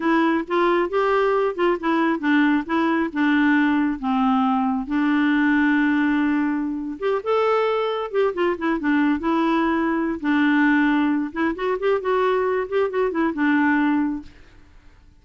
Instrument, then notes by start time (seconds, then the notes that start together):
clarinet
0.00 E4
0.47 F4
0.89 G4
1.55 F4
1.80 E4
2.19 D4
2.66 E4
3.12 D4
3.99 C4
4.86 D4
6.99 G4
7.23 A4
8.11 G4
8.34 F4
8.58 E4
8.79 D4
9.19 E4
10.20 D4
11.32 E4
11.55 F#4
11.79 G4
12.00 F#4
12.68 G4
12.90 F#4
13.11 E4
13.33 D4